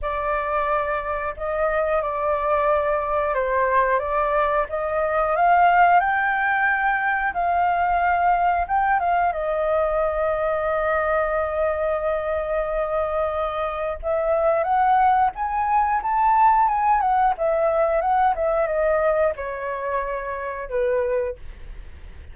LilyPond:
\new Staff \with { instrumentName = "flute" } { \time 4/4 \tempo 4 = 90 d''2 dis''4 d''4~ | d''4 c''4 d''4 dis''4 | f''4 g''2 f''4~ | f''4 g''8 f''8 dis''2~ |
dis''1~ | dis''4 e''4 fis''4 gis''4 | a''4 gis''8 fis''8 e''4 fis''8 e''8 | dis''4 cis''2 b'4 | }